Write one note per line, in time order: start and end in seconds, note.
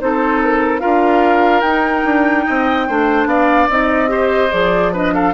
0.00 0.83 C4
0.00 0.80 D#4
0.00 0.81 A4
0.00 0.42 C5
0.43 0.80 A#4
0.80 1.62 D4
0.80 1.62 F4
0.80 2.45 A#4
0.80 1.61 F5
1.61 2.03 D#4
1.61 2.89 D#4
1.61 3.25 G5
2.05 2.46 D4
2.47 2.89 C4
2.47 2.87 D#5
2.87 3.26 A3
2.87 3.70 D4
2.87 3.28 C5
3.26 3.67 B3
3.26 4.10 D5
3.26 3.68 F5
3.69 4.51 C4
3.69 4.08 D#4
3.69 4.52 D#5
4.08 4.49 G4
4.08 4.93 C5
4.51 5.34 F3
4.51 4.92 G#4
4.51 4.94 D5
4.93 5.34 D4
4.93 5.14 B4
4.93 5.14 D#5
5.14 5.34 A4
5.14 5.34 F5